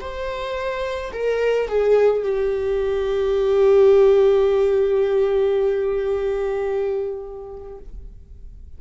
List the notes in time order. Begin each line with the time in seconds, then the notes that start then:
0.00 C5
1.13 A#4
1.68 G#4
2.23 G4